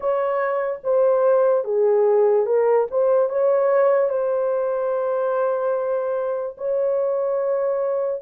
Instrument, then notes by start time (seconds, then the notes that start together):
horn
0.00 C#5
0.83 C5
1.64 G#4
2.46 A#4
2.90 C5
3.29 C#5
4.09 C5
6.58 C#5